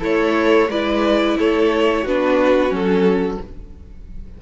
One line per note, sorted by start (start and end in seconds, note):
0.00 0.68 A3
0.00 0.68 E4
0.00 0.67 A4
0.00 0.71 C#5
0.68 1.35 G#3
0.68 2.06 E4
0.68 1.37 B4
0.68 1.38 D5
1.38 2.05 A3
1.38 2.03 A4
1.38 2.07 C#5
2.03 2.70 B3
2.03 2.69 D4
2.03 3.37 F#4
2.03 2.74 B4
2.69 3.38 F#3
2.69 3.37 C#4
2.69 3.42 A4